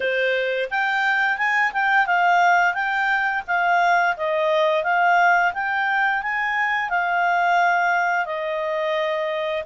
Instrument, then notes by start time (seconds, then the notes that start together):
clarinet
0.00 C5
0.70 G5
1.37 G#5
1.72 G5
2.06 F5
2.74 G5
3.47 F5
4.16 D#5
4.83 F5
5.53 G5
6.22 G#5
6.89 F5
8.25 D#5